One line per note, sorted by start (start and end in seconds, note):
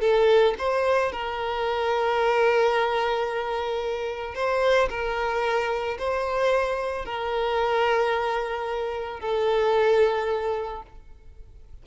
0.00 0.54 A4
0.58 1.12 C5
1.12 4.34 A#4
4.34 4.88 C5
4.89 5.97 A#4
5.98 7.05 C5
7.05 9.20 A#4
9.20 10.82 A4